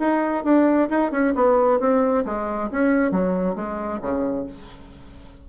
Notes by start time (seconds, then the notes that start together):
0.00 D#4
0.44 D4
0.90 D#4
1.12 C#4
1.35 B3
1.80 C4
2.25 G#3
2.72 C#4
3.12 F#3
3.56 G#3
4.02 C#3